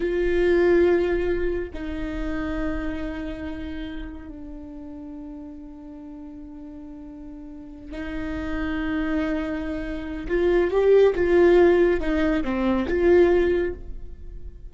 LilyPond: \new Staff \with { instrumentName = "viola" } { \time 4/4 \tempo 4 = 140 f'1 | dis'1~ | dis'2 d'2~ | d'1~ |
d'2~ d'8 dis'4.~ | dis'1 | f'4 g'4 f'2 | dis'4 c'4 f'2 | }